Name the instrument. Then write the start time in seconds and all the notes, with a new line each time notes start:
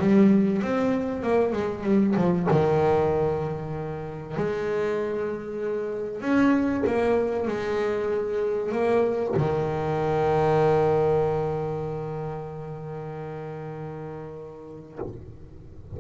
double bass
0.00 G3
0.62 C4
1.23 A#3
1.53 G#3
1.84 G3
2.16 F3
2.51 D#3
4.37 G#3
6.21 C#4
6.87 A#3
7.48 G#3
8.72 A#3
9.37 D#3